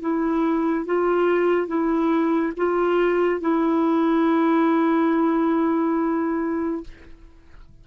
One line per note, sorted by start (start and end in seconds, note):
0.00 0.85 E4
0.85 1.67 F4
1.67 2.52 E4
2.56 3.41 F4
3.41 6.83 E4